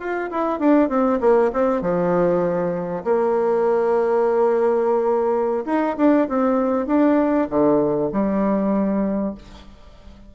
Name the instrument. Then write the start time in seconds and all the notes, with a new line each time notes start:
bassoon
0.00 F4
0.31 E4
0.60 D4
0.89 C4
1.21 A#3
1.53 C4
1.82 F3
3.05 A#3
5.66 D#4
5.97 D4
6.29 C4
6.87 D4
7.49 D3
8.12 G3